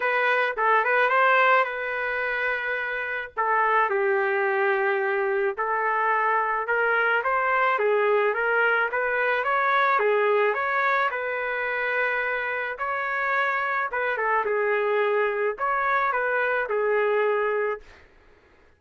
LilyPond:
\new Staff \with { instrumentName = "trumpet" } { \time 4/4 \tempo 4 = 108 b'4 a'8 b'8 c''4 b'4~ | b'2 a'4 g'4~ | g'2 a'2 | ais'4 c''4 gis'4 ais'4 |
b'4 cis''4 gis'4 cis''4 | b'2. cis''4~ | cis''4 b'8 a'8 gis'2 | cis''4 b'4 gis'2 | }